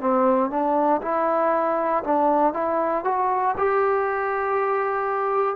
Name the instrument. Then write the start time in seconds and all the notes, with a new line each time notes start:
trombone
0.00 C4
0.49 D4
1.01 E4
2.03 D4
2.53 E4
3.04 F#4
3.57 G4